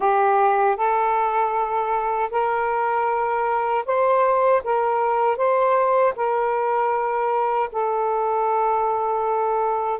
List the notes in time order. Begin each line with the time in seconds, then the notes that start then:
0.00 G4
0.76 A4
2.30 A#4
3.85 C5
4.64 A#4
5.36 C5
6.15 A#4
7.72 A4